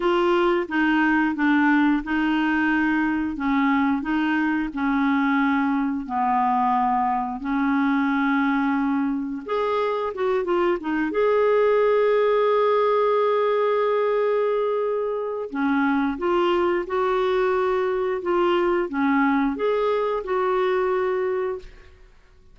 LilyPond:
\new Staff \with { instrumentName = "clarinet" } { \time 4/4 \tempo 4 = 89 f'4 dis'4 d'4 dis'4~ | dis'4 cis'4 dis'4 cis'4~ | cis'4 b2 cis'4~ | cis'2 gis'4 fis'8 f'8 |
dis'8 gis'2.~ gis'8~ | gis'2. cis'4 | f'4 fis'2 f'4 | cis'4 gis'4 fis'2 | }